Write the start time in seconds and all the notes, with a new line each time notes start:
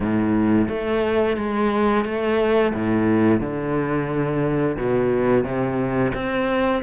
0.00 A2
0.68 A3
1.36 G#3
2.05 A3
2.73 A2
3.40 D3
4.77 B2
5.44 C3
6.14 C4